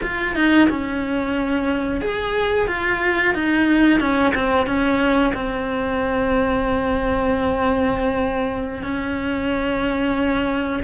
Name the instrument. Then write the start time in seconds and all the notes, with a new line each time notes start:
cello
0.02 F4
0.35 D#4
0.69 C#4
2.01 G#4
2.67 F4
3.34 D#4
3.99 C#4
4.34 C4
4.66 C#4
5.34 C4
8.82 C#4